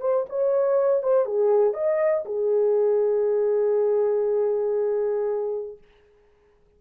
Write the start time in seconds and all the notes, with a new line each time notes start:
0.00 C5
0.29 C#5
1.02 C5
1.26 G#4
1.73 D#5
2.25 G#4